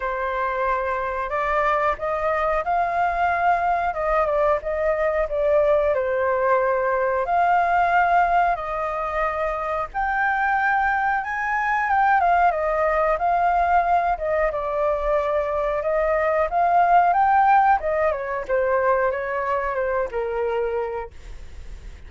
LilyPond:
\new Staff \with { instrumentName = "flute" } { \time 4/4 \tempo 4 = 91 c''2 d''4 dis''4 | f''2 dis''8 d''8 dis''4 | d''4 c''2 f''4~ | f''4 dis''2 g''4~ |
g''4 gis''4 g''8 f''8 dis''4 | f''4. dis''8 d''2 | dis''4 f''4 g''4 dis''8 cis''8 | c''4 cis''4 c''8 ais'4. | }